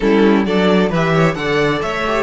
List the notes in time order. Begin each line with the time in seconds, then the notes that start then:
0.00 G3 C#4 E4 A4
0.45 F#3 D4 A4 D5
0.89 E3 G4 B4 E5
1.12 C#5
1.34 D3 A4 D5 F#5
1.81 A3 C#5 E5
2.06 G4